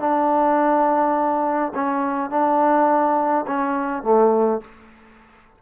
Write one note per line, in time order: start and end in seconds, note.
0.00 1.73 D4
1.75 2.31 C#4
2.31 3.46 D4
3.47 4.03 C#4
4.03 4.61 A3